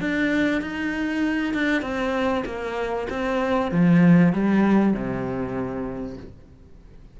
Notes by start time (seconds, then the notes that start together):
0.00 D4
0.61 D#4
1.54 D4
1.82 C4
2.45 A#3
3.10 C4
3.71 F3
4.33 G3
4.93 C3